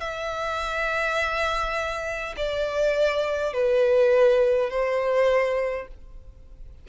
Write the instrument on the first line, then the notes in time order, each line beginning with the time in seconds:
violin
0.00 E5
2.37 D5
3.53 B4
4.70 C5